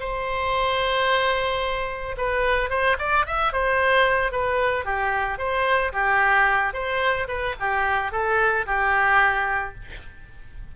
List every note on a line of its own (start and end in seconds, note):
0.00 2.16 C5
2.18 2.70 B4
2.70 2.97 C5
2.99 3.26 D5
3.27 3.53 E5
3.53 4.32 C5
4.32 4.85 B4
4.85 5.38 G4
5.38 5.92 C5
5.93 6.73 G4
6.73 7.28 C5
7.28 7.55 B4
7.60 8.12 G4
8.12 8.66 A4
8.66 9.74 G4